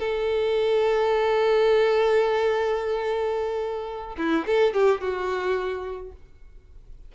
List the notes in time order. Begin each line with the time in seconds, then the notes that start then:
0.00 A4
4.18 E4
4.47 A4
4.74 G4
5.02 F#4